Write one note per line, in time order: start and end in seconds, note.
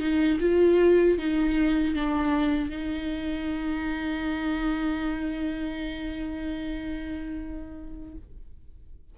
0.00 0.39 D#4
0.40 1.18 F4
1.19 1.95 D#4
1.95 2.70 D4
2.70 8.15 D#4